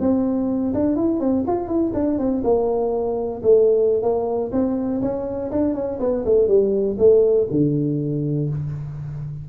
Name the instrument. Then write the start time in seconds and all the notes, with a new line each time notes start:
tuba
0.00 C4
0.74 D4
0.96 E4
1.20 C4
1.47 F4
1.67 E4
1.94 D4
2.18 C4
2.44 A#3
3.42 A3
4.02 A#3
4.52 C4
5.01 C#4
5.51 D4
5.74 C#4
6.00 B3
6.25 A3
6.48 G3
6.98 A3
7.51 D3